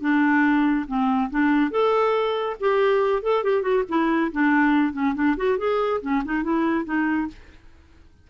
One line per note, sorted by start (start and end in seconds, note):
0.00 0.86 D4
0.87 1.30 C4
1.30 1.70 D4
1.70 2.56 A4
2.60 3.22 G4
3.22 3.43 A4
3.43 3.62 G4
3.62 3.83 F#4
3.89 4.31 E4
4.32 4.93 D4
4.93 5.14 C#4
5.14 5.36 D4
5.36 5.58 F#4
5.58 6.01 G#4
6.01 6.23 C#4
6.24 6.43 D#4
6.43 6.85 E4
6.85 7.27 D#4